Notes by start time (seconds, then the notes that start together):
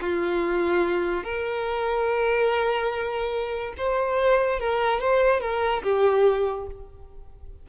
0.00 F4
1.23 A#4
3.77 C5
4.59 A#4
5.00 C5
5.40 A#4
5.82 G4